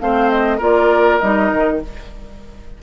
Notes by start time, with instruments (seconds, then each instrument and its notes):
0.00 bassoon A3, clarinet C4, oboe C5, flute F5
0.30 flute D#5
0.58 bassoon A#3, clarinet F4, oboe A#4, flute D5
1.19 bassoon G3, clarinet D#4, flute D#5
1.51 bassoon D#3